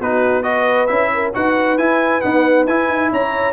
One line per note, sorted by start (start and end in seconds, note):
0.00 0.89 B3
0.00 0.43 D#4
0.00 0.44 F#4
0.00 0.43 B4
0.43 0.88 F#4
0.43 1.10 B4
0.43 0.87 D#5
0.87 1.34 C#4
0.87 1.33 E4
0.87 1.31 E5
1.14 1.35 A#4
1.34 1.77 D#4
1.34 1.78 F#4
1.34 3.12 B4
1.34 1.78 F#5
1.77 2.22 E4
1.77 2.21 G#5
2.21 2.66 B3
2.21 2.67 D#4
2.21 2.65 F#5
2.67 2.89 E4
2.67 3.52 E4
2.67 3.11 G#5
2.89 3.11 D#4
3.12 3.52 C#4
3.12 3.52 C#5
3.12 3.52 A#5